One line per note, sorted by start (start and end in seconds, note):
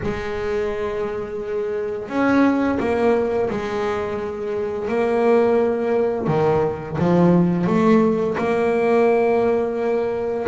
0.03 2.08 G#3
2.08 2.78 C#4
2.79 3.49 A#3
3.49 4.88 G#3
4.88 6.27 A#3
6.27 6.97 D#3
6.98 7.66 F3
7.66 8.36 A3
8.37 10.47 A#3